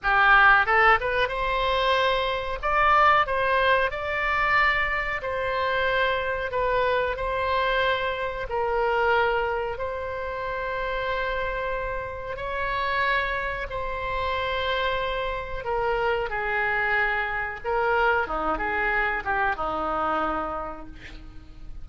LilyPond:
\new Staff \with { instrumentName = "oboe" } { \time 4/4 \tempo 4 = 92 g'4 a'8 b'8 c''2 | d''4 c''4 d''2 | c''2 b'4 c''4~ | c''4 ais'2 c''4~ |
c''2. cis''4~ | cis''4 c''2. | ais'4 gis'2 ais'4 | dis'8 gis'4 g'8 dis'2 | }